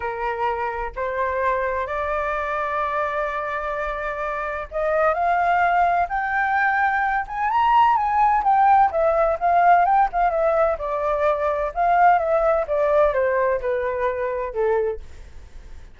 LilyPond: \new Staff \with { instrumentName = "flute" } { \time 4/4 \tempo 4 = 128 ais'2 c''2 | d''1~ | d''2 dis''4 f''4~ | f''4 g''2~ g''8 gis''8 |
ais''4 gis''4 g''4 e''4 | f''4 g''8 f''8 e''4 d''4~ | d''4 f''4 e''4 d''4 | c''4 b'2 a'4 | }